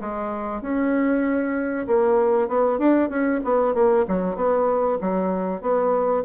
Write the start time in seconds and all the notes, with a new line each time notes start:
0.00 G#3
0.61 C#4
1.87 A#3
2.48 B3
2.78 D4
3.09 C#4
3.44 B3
3.74 A#3
4.07 F#3
4.35 B3
5.01 F#3
5.61 B3